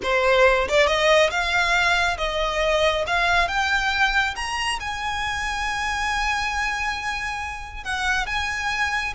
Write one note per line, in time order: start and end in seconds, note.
0.02 0.68 C5
0.68 0.86 D5
0.86 1.30 D#5
1.30 2.17 F5
2.17 3.04 D#5
3.07 3.48 F5
3.48 4.35 G5
4.35 4.79 A#5
4.80 7.84 G#5
7.84 8.26 F#5
8.26 9.13 G#5